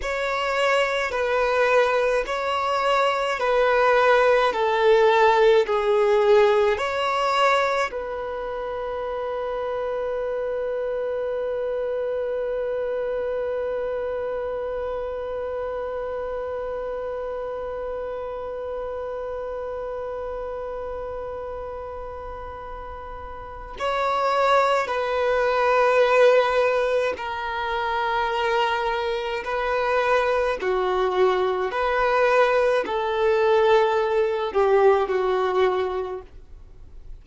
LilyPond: \new Staff \with { instrumentName = "violin" } { \time 4/4 \tempo 4 = 53 cis''4 b'4 cis''4 b'4 | a'4 gis'4 cis''4 b'4~ | b'1~ | b'1~ |
b'1~ | b'4 cis''4 b'2 | ais'2 b'4 fis'4 | b'4 a'4. g'8 fis'4 | }